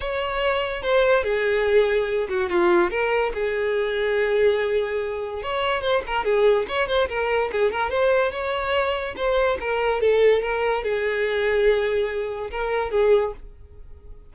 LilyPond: \new Staff \with { instrumentName = "violin" } { \time 4/4 \tempo 4 = 144 cis''2 c''4 gis'4~ | gis'4. fis'8 f'4 ais'4 | gis'1~ | gis'4 cis''4 c''8 ais'8 gis'4 |
cis''8 c''8 ais'4 gis'8 ais'8 c''4 | cis''2 c''4 ais'4 | a'4 ais'4 gis'2~ | gis'2 ais'4 gis'4 | }